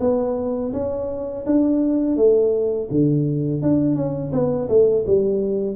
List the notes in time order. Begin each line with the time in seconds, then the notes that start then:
0.00 B3
0.73 C#4
1.46 D4
2.17 A3
2.90 D3
3.62 D4
3.95 C#4
4.32 B3
4.69 A3
5.06 G3